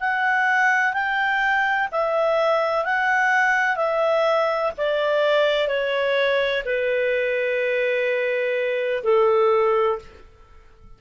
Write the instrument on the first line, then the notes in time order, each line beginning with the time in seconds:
clarinet
0.00 F#5
0.93 G5
1.91 E5
2.85 F#5
3.76 E5
4.77 D5
5.68 C#5
6.65 B4
9.03 A4